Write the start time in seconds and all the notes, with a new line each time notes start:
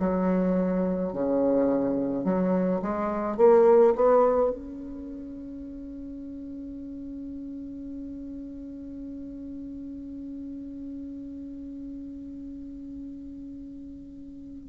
0.00 F#3
1.13 C#3
2.25 F#3
2.82 G#3
3.38 A#3
3.96 B3
4.51 C#4